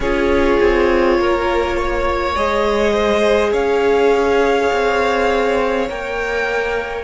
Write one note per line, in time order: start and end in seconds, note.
0.00 0.58 C#4
0.00 2.35 F4
0.00 1.18 G#4
0.00 2.35 C#5
0.61 1.19 C4
1.19 2.35 A#3
1.19 1.76 A#4
1.76 2.93 C#5
2.35 3.52 G#3
2.35 5.88 G#4
2.35 3.53 D#5
2.93 3.51 C5
3.51 4.70 C#4
3.51 7.04 C#5
3.51 5.88 F5
4.72 5.89 C4
5.88 7.04 A#3
5.88 7.04 A#4
5.88 7.04 G5